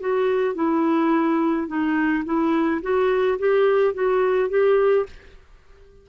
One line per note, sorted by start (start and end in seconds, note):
0.00 0.55 F#4
0.55 1.67 E4
1.67 2.24 D#4
2.25 2.81 E4
2.82 3.38 F#4
3.39 3.94 G4
3.94 4.49 F#4
4.49 5.06 G4